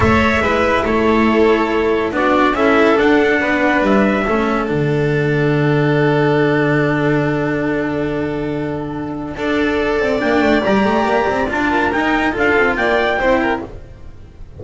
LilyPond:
<<
  \new Staff \with { instrumentName = "trumpet" } { \time 4/4 \tempo 4 = 141 e''2 cis''2~ | cis''4 d''4 e''4 fis''4~ | fis''4 e''2 fis''4~ | fis''1~ |
fis''1~ | fis''1 | g''4 ais''2 a''4 | g''4 f''4 g''2 | }
  \new Staff \with { instrumentName = "violin" } { \time 4/4 cis''4 b'4 a'2~ | a'4 fis'4 a'2 | b'2 a'2~ | a'1~ |
a'1~ | a'2 d''2~ | d''2.~ d''8 ais'8~ | ais'4 a'4 d''4 c''8 ais'8 | }
  \new Staff \with { instrumentName = "cello" } { \time 4/4 a'4 e'2.~ | e'4 d'4 e'4 d'4~ | d'2 cis'4 d'4~ | d'1~ |
d'1~ | d'2 a'2 | d'4 g'2 f'4 | dis'4 f'2 e'4 | }
  \new Staff \with { instrumentName = "double bass" } { \time 4/4 a4 gis4 a2~ | a4 b4 cis'4 d'4 | b4 g4 a4 d4~ | d1~ |
d1~ | d2 d'4. c'8 | ais8 a8 g8 a8 ais8 c'8 d'4 | dis'4 d'8 c'8 ais4 c'4 | }
>>